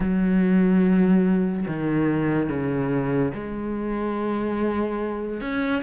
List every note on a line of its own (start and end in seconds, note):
0.00 1.66 F#3
1.67 2.49 D#3
2.49 3.32 C#3
3.33 5.41 G#3
5.41 5.82 C#4